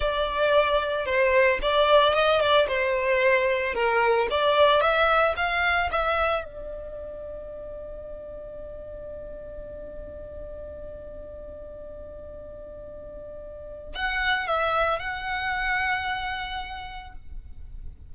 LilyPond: \new Staff \with { instrumentName = "violin" } { \time 4/4 \tempo 4 = 112 d''2 c''4 d''4 | dis''8 d''8 c''2 ais'4 | d''4 e''4 f''4 e''4 | d''1~ |
d''1~ | d''1~ | d''2 fis''4 e''4 | fis''1 | }